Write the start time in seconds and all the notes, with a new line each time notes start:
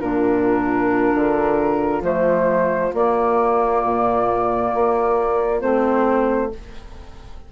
0.00 A#2 D4 F4 A#4
1.15 D3
2.01 F3 A3 C5
2.94 A#3 D5
3.84 A#2
4.74 A#3
5.61 A3 C4 C5